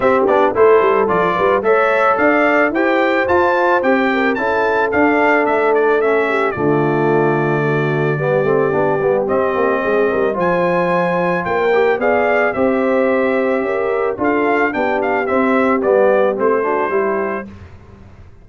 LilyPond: <<
  \new Staff \with { instrumentName = "trumpet" } { \time 4/4 \tempo 4 = 110 e''8 d''8 c''4 d''4 e''4 | f''4 g''4 a''4 g''4 | a''4 f''4 e''8 d''8 e''4 | d''1~ |
d''4 dis''2 gis''4~ | gis''4 g''4 f''4 e''4~ | e''2 f''4 g''8 f''8 | e''4 d''4 c''2 | }
  \new Staff \with { instrumentName = "horn" } { \time 4/4 g'4 a'4. b'8 cis''4 | d''4 c''2~ c''8 ais'8 | a'2.~ a'8 g'8 | f'2 fis'4 g'4~ |
g'2 gis'8 ais'8 c''4~ | c''4 ais'4 d''4 c''4~ | c''4 ais'4 a'4 g'4~ | g'2~ g'8 fis'8 g'4 | }
  \new Staff \with { instrumentName = "trombone" } { \time 4/4 c'8 d'8 e'4 f'4 a'4~ | a'4 g'4 f'4 g'4 | e'4 d'2 cis'4 | a2. b8 c'8 |
d'8 b8 c'2 f'4~ | f'4. g'8 gis'4 g'4~ | g'2 f'4 d'4 | c'4 b4 c'8 d'8 e'4 | }
  \new Staff \with { instrumentName = "tuba" } { \time 4/4 c'8 b8 a8 g8 f8 g8 a4 | d'4 e'4 f'4 c'4 | cis'4 d'4 a2 | d2. g8 a8 |
b8 g8 c'8 ais8 gis8 g8 f4~ | f4 ais4 b4 c'4~ | c'4 cis'4 d'4 b4 | c'4 g4 a4 g4 | }
>>